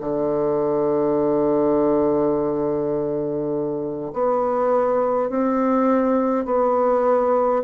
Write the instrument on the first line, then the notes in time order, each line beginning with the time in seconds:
bassoon
0.00 D3
4.13 B3
5.29 C4
6.45 B3